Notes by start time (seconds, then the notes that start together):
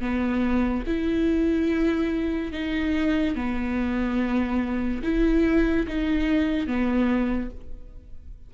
0.00 B3
0.86 E4
2.52 D#4
3.35 B3
5.03 E4
5.87 D#4
6.67 B3